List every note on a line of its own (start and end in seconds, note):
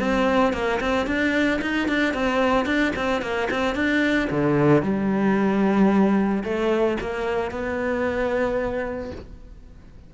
0.00 0.54 C4
0.54 0.80 A#3
0.81 1.07 C4
1.07 1.61 D4
1.62 1.88 D#4
1.88 2.14 D4
2.14 2.66 C4
2.66 2.93 D4
2.96 3.22 C4
3.22 3.49 A#3
3.51 3.75 C4
3.75 4.29 D4
4.31 4.83 D3
4.83 6.44 G3
6.44 6.98 A3
7.01 7.51 A#3
7.51 9.12 B3